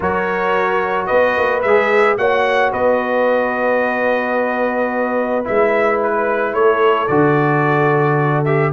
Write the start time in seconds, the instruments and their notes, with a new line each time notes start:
0.00 tuba F#3, trombone F#4, horn A#4, trumpet C#5
1.06 tuba B3, horn B4, trumpet D#5
1.37 tuba A#3
1.62 tuba G#3, trombone G#4, trumpet E5
2.17 tuba A#3, trombone F#4, horn C#5, trumpet F#5
2.72 tuba B3, horn B4, trumpet D#5
5.44 tuba G#3, trombone E4, trumpet E5
6.03 trumpet B4
6.53 tuba A3, horn A4, trumpet C#5
7.07 tuba D3, trombone F#4, trumpet D5
8.44 trombone G4, trumpet E5